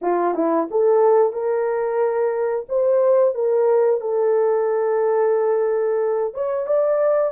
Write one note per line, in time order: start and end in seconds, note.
0.02 0.34 F4
0.34 0.67 E4
0.71 1.32 A4
1.32 2.65 A#4
2.68 3.34 C5
3.34 4.00 A#4
4.00 6.34 A4
6.34 6.66 C#5
6.66 7.32 D5